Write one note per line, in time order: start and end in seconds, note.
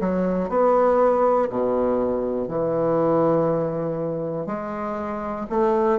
0.00 0.49 F#3
0.49 1.49 B3
1.50 2.49 B2
2.49 4.46 E3
4.46 5.46 G#3
5.50 5.99 A3